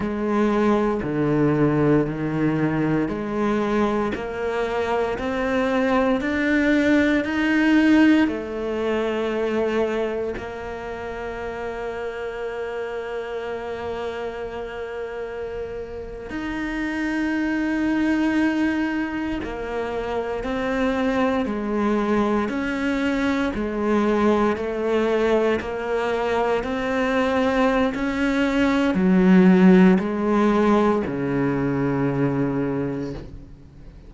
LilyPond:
\new Staff \with { instrumentName = "cello" } { \time 4/4 \tempo 4 = 58 gis4 d4 dis4 gis4 | ais4 c'4 d'4 dis'4 | a2 ais2~ | ais2.~ ais8. dis'16~ |
dis'2~ dis'8. ais4 c'16~ | c'8. gis4 cis'4 gis4 a16~ | a8. ais4 c'4~ c'16 cis'4 | fis4 gis4 cis2 | }